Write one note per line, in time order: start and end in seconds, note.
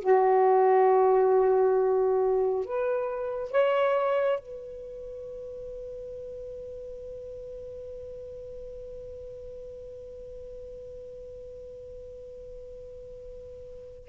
0.00 2.65 F#4
2.65 3.51 B4
3.51 4.39 C#5
4.39 14.08 B4